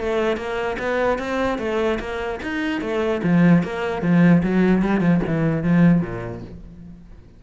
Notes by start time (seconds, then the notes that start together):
0.00 A3
0.37 A#3
0.79 B3
1.19 C4
1.59 A3
2.00 A#3
2.43 D#4
2.81 A3
3.23 F3
3.63 A#3
4.02 F3
4.43 F#3
4.83 G3
5.00 F3
5.27 E3
5.63 F3
6.02 A#2